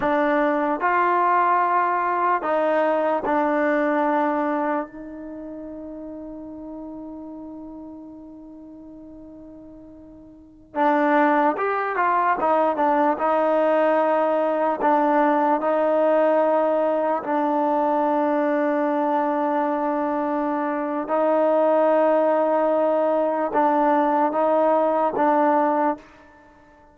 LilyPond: \new Staff \with { instrumentName = "trombone" } { \time 4/4 \tempo 4 = 74 d'4 f'2 dis'4 | d'2 dis'2~ | dis'1~ | dis'4~ dis'16 d'4 g'8 f'8 dis'8 d'16~ |
d'16 dis'2 d'4 dis'8.~ | dis'4~ dis'16 d'2~ d'8.~ | d'2 dis'2~ | dis'4 d'4 dis'4 d'4 | }